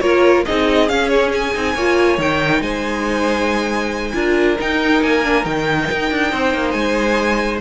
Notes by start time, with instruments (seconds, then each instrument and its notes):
0.00 cello A#3, viola F4, violin A#4 C#5
0.45 cello C4, viola D#4, violin G#4 D#5
0.88 viola C#4, cello C#4, violin F5
1.08 violin C#5
1.33 violin G#5
1.54 cello C4, viola D#4
1.74 cello A#3, viola F4, violin C#5
2.18 cello D#3, viola D#4, violin G5
2.61 cello G#3, violin C5 G#5
4.14 cello D4, viola F4, violin A#4
4.60 viola D#4, cello D#4, violin G5
5.02 cello A#3, violin G#5
5.23 viola D4
5.42 cello D#3, viola D#4, violin G5
5.91 cello D#4
6.11 cello D4
6.31 cello C4, violin C5
6.54 cello A#3
6.71 cello G#3, violin G#5